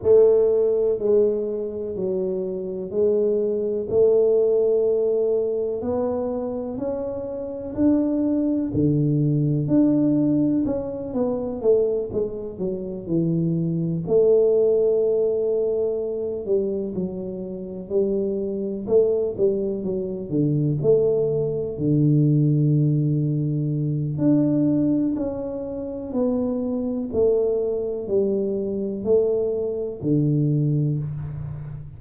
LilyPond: \new Staff \with { instrumentName = "tuba" } { \time 4/4 \tempo 4 = 62 a4 gis4 fis4 gis4 | a2 b4 cis'4 | d'4 d4 d'4 cis'8 b8 | a8 gis8 fis8 e4 a4.~ |
a4 g8 fis4 g4 a8 | g8 fis8 d8 a4 d4.~ | d4 d'4 cis'4 b4 | a4 g4 a4 d4 | }